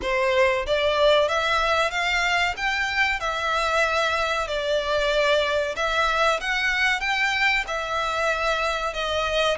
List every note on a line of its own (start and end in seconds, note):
0.02 0.66 C5
0.66 1.28 D5
1.28 1.90 E5
1.90 2.54 F5
2.56 3.19 G5
3.19 4.47 E5
4.47 5.75 D5
5.76 6.39 E5
6.40 7.00 F#5
7.00 7.64 G5
7.67 8.93 E5
8.93 9.57 D#5